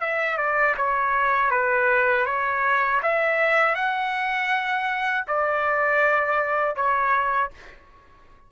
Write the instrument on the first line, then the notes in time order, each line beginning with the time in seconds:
trumpet
0.00 E5
0.37 D5
0.76 C#5
1.50 B4
2.26 C#5
3.02 E5
3.75 F#5
5.27 D5
6.75 C#5